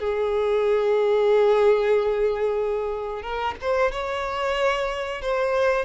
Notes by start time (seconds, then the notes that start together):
0.00 G#4
3.23 A#4
3.62 C5
3.92 C#5
5.22 C5